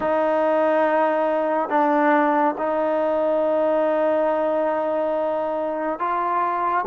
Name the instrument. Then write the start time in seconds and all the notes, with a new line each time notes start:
trombone
0.00 D#4
1.69 D4
2.58 D#4
5.99 F4